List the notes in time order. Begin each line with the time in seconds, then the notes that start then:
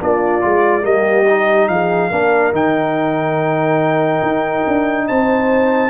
0.00 A#3 D4 F4 D5
0.41 G#3 F4
0.82 G3 A#3 G4 D#5
1.29 D#4
1.68 F3 G#4 F5
2.10 A#3 D4 A#4
2.52 D#3 D#4 G5
4.22 D#4
4.67 D4
5.08 C4 C5 A5